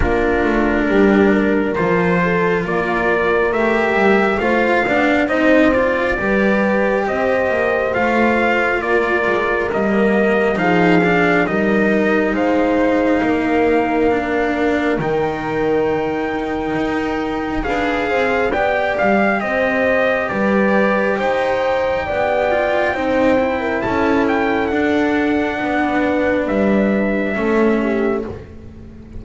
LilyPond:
<<
  \new Staff \with { instrumentName = "trumpet" } { \time 4/4 \tempo 4 = 68 ais'2 c''4 d''4 | e''4 f''4 dis''8 d''4. | dis''4 f''4 d''4 dis''4 | f''4 dis''4 f''2~ |
f''4 g''2. | f''4 g''8 f''8 dis''4 d''4 | g''2. a''8 g''8 | fis''2 e''2 | }
  \new Staff \with { instrumentName = "horn" } { \time 4/4 f'4 g'8 ais'4 a'8 ais'4~ | ais'4 c''8 d''8 c''4 b'4 | c''2 ais'2 | gis'4 ais'4 c''4 ais'4~ |
ais'1 | b'8 c''8 d''4 c''4 b'4 | c''4 d''4 c''8. ais'16 a'4~ | a'4 b'2 a'8 g'8 | }
  \new Staff \with { instrumentName = "cello" } { \time 4/4 d'2 f'2 | g'4 f'8 d'8 dis'8 f'8 g'4~ | g'4 f'2 ais4 | dis'8 d'8 dis'2. |
d'4 dis'2. | gis'4 g'2.~ | g'4. f'8 dis'8 e'4. | d'2. cis'4 | }
  \new Staff \with { instrumentName = "double bass" } { \time 4/4 ais8 a8 g4 f4 ais4 | a8 g8 a8 b8 c'4 g4 | c'8 ais8 a4 ais8 gis8 g4 | f4 g4 gis4 ais4~ |
ais4 dis2 dis'4 | d'8 c'8 b8 g8 c'4 g4 | dis'4 b4 c'4 cis'4 | d'4 b4 g4 a4 | }
>>